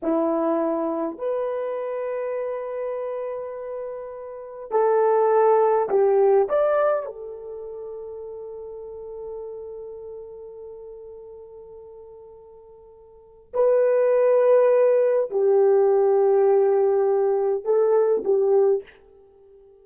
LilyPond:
\new Staff \with { instrumentName = "horn" } { \time 4/4 \tempo 4 = 102 e'2 b'2~ | b'1 | a'2 g'4 d''4 | a'1~ |
a'1~ | a'2. b'4~ | b'2 g'2~ | g'2 a'4 g'4 | }